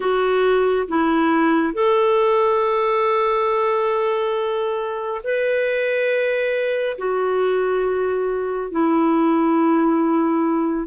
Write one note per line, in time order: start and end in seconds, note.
0.00 0.87 F#4
0.87 1.73 E4
1.73 5.21 A4
5.23 6.97 B4
6.98 8.71 F#4
8.71 10.87 E4